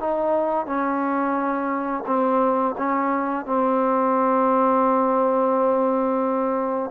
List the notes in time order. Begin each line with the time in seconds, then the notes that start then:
0.00 D#4
0.66 C#4
2.07 C4
2.78 C#4
3.46 C4